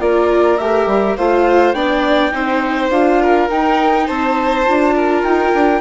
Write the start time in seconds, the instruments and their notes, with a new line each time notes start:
0.00 bassoon A#3, viola F4, violin A#4, flute D5
0.58 bassoon A3, viola G4, flute E5
0.87 bassoon G3
1.17 bassoon A3, viola F4, violin C5, flute F5
1.73 bassoon B3, viola D4, violin D5, flute G5
2.32 bassoon C4, viola D#4, violin C5
2.90 bassoon D4, viola F4, flute F5
3.22 violin A#4
3.49 viola D#4, bassoon D#4, flute G5
4.07 bassoon C4, violin C5, flute A5
4.66 bassoon D4, viola F4
4.96 violin A#4
5.24 bassoon D#4, flute G5
5.54 bassoon D4